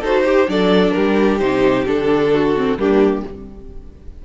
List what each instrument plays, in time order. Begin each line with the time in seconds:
0.00 cello D#4, viola F#4, violin A4 C5
0.25 violin G4, viola G4
0.48 cello F#3, viola D4, violin A4 D5
0.92 violin G4 A#4
0.98 cello G3
1.40 cello C3, viola D#4, violin C5
1.87 cello D3, viola D4, violin A4
2.33 violin F#4
2.57 viola C4
2.77 cello G3, viola A#3, violin D4 G4